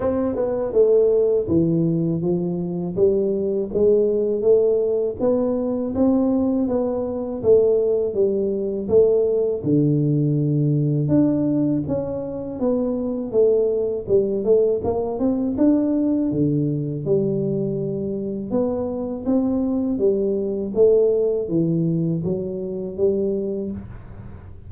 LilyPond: \new Staff \with { instrumentName = "tuba" } { \time 4/4 \tempo 4 = 81 c'8 b8 a4 e4 f4 | g4 gis4 a4 b4 | c'4 b4 a4 g4 | a4 d2 d'4 |
cis'4 b4 a4 g8 a8 | ais8 c'8 d'4 d4 g4~ | g4 b4 c'4 g4 | a4 e4 fis4 g4 | }